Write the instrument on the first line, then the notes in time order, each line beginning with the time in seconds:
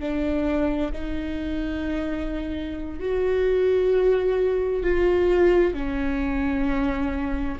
viola
0.00 D4
0.92 D#4
3.00 F#4
4.83 F4
5.74 C#4